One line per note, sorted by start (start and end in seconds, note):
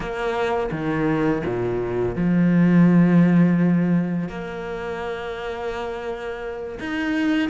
0.00 0.69 A#3
0.71 1.42 D#3
1.45 2.15 A#2
2.15 4.29 F3
4.29 6.79 A#3
6.79 7.49 D#4